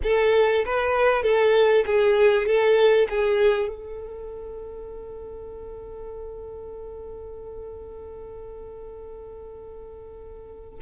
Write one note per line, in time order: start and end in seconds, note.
0.03 0.65 A4
0.65 1.23 B4
1.23 1.84 A4
1.86 2.46 G#4
2.46 3.08 A4
3.09 3.68 G#4
3.68 10.79 A4